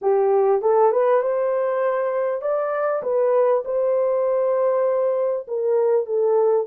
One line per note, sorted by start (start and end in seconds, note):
0.01 0.61 G4
0.61 0.91 A4
0.92 1.21 B4
1.21 2.41 C5
2.41 3.02 D5
3.02 3.63 B4
3.64 5.46 C5
5.47 6.06 A#4
6.06 6.66 A4